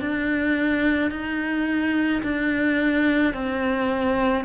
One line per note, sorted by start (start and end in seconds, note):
0.00 1.11 D4
1.11 2.22 D#4
2.22 3.33 D4
3.33 4.44 C4